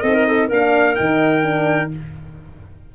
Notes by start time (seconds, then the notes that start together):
0.00 C4 D#4 A4 D#5
0.14 A#4
0.27 A4
0.48 A#3 D4 A#4 F5
0.95 D#3 D#4 G5
1.42 D4